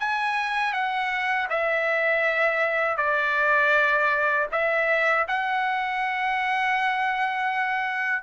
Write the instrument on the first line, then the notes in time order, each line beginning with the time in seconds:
trumpet
0.00 G#5
0.73 F#5
1.50 E5
2.97 D5
4.52 E5
5.28 F#5